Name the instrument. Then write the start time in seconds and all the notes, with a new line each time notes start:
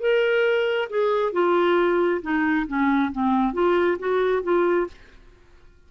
clarinet
0.00 A#4
0.89 G#4
1.33 F4
2.22 D#4
2.67 C#4
3.12 C4
3.53 F4
3.99 F#4
4.43 F4